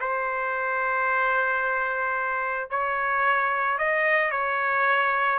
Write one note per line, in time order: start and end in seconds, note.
0.00 2.70 C5
2.70 3.78 C#5
3.78 4.31 D#5
4.31 5.39 C#5